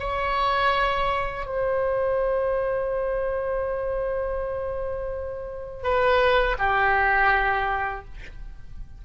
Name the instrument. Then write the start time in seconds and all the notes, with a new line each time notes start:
oboe
0.00 C#5
1.46 C5
5.84 B4
6.59 G4